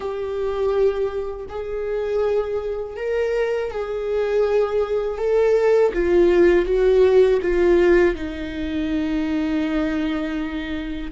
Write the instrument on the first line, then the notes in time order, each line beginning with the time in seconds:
viola
0.00 G4
1.48 G#4
2.96 A#4
3.70 G#4
5.18 A4
5.93 F4
6.65 F#4
7.42 F4
8.15 D#4